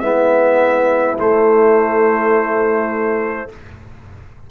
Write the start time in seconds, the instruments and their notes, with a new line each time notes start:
0.00 tuba G#3, trombone B3, horn E4, trumpet E5
1.19 trombone A3, tuba A3, trumpet C5